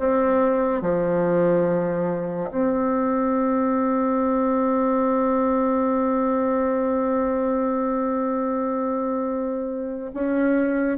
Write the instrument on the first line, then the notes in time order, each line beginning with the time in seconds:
bassoon
0.00 C4
0.82 F3
2.52 C4
10.14 C#4